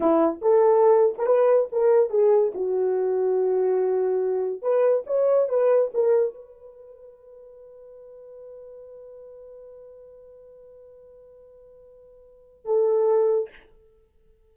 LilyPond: \new Staff \with { instrumentName = "horn" } { \time 4/4 \tempo 4 = 142 e'4 a'4.~ a'16 ais'16 b'4 | ais'4 gis'4 fis'2~ | fis'2. b'4 | cis''4 b'4 ais'4 b'4~ |
b'1~ | b'1~ | b'1~ | b'2 a'2 | }